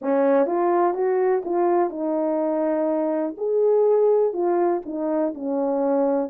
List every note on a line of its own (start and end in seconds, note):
0.01 0.46 C#4
0.46 0.93 F4
0.93 1.42 F#4
1.44 1.90 F4
1.90 3.35 D#4
3.37 4.33 G#4
4.33 4.81 F4
4.85 5.34 D#4
5.34 6.29 C#4